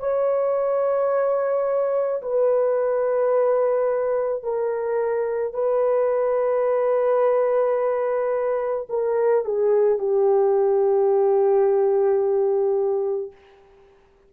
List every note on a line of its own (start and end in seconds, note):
0.00 2.22 C#5
2.22 4.43 B4
4.43 5.54 A#4
5.54 8.87 B4
8.90 9.45 A#4
9.45 9.99 G#4
9.99 13.32 G4